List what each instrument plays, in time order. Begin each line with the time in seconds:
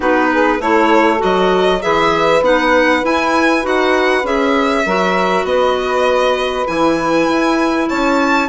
0.00 bassoon B3, clarinet D#4, saxophone F#4, violin B4
0.31 saxophone G#4
0.59 bassoon A3, clarinet E4, saxophone A4, violin C#5
1.17 bassoon F#3, clarinet F#4, violin D#5
1.80 bassoon E3, clarinet G#4, saxophone B4, violin E5
2.41 bassoon B3, clarinet D#4, violin F#5
3.02 clarinet E4, bassoon E4, violin G#5
3.61 bassoon D#4, clarinet F#4, violin F#5
4.23 bassoon C#4, clarinet G#4, violin E5
4.85 bassoon F#3, clarinet F#4, saxophone A#4
5.44 bassoon B3, saxophone B4, violin D#5
6.66 bassoon E3, clarinet E4, violin G#5
7.28 bassoon E4
7.88 bassoon C#4, saxophone C#5, violin A5